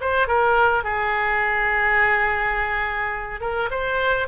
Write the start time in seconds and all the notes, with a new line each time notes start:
0.00 C5
0.27 A#4
0.83 G#4
3.40 A#4
3.70 C5